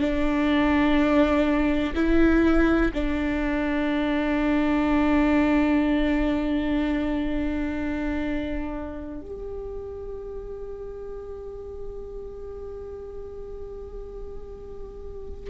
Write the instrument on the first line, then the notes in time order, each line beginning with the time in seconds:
viola
0.00 D4
1.94 E4
2.93 D4
9.21 G4